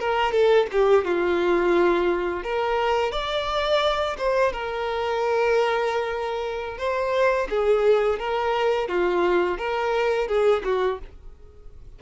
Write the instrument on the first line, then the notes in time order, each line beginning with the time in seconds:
violin
0.00 A#4
0.32 A4
0.72 G4
1.05 F4
2.44 A#4
3.12 D5
4.18 C5
4.53 A#4
6.78 C5
7.50 G#4
8.19 A#4
8.88 F4
9.58 A#4
10.28 G#4
10.65 F#4